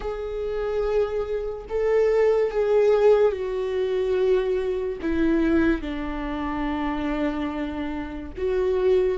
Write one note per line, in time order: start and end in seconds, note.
0.00 1.65 G#4
1.69 2.50 A4
2.50 3.31 G#4
3.31 4.98 F#4
5.01 5.81 E4
5.81 8.31 D4
8.37 9.17 F#4